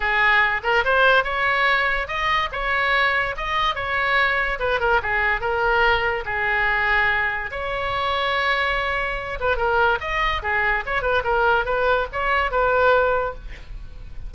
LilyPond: \new Staff \with { instrumentName = "oboe" } { \time 4/4 \tempo 4 = 144 gis'4. ais'8 c''4 cis''4~ | cis''4 dis''4 cis''2 | dis''4 cis''2 b'8 ais'8 | gis'4 ais'2 gis'4~ |
gis'2 cis''2~ | cis''2~ cis''8 b'8 ais'4 | dis''4 gis'4 cis''8 b'8 ais'4 | b'4 cis''4 b'2 | }